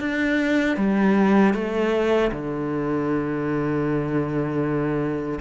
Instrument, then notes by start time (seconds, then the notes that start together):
cello
0.00 D4
0.77 G3
1.54 A3
2.31 D3